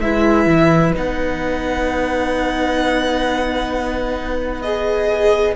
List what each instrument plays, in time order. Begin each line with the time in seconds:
0.00 cello G#3, viola E4, violin B4 E5
0.46 cello E3
0.94 cello B3, viola D#4, violin F#5
4.61 viola G#4, violin D#5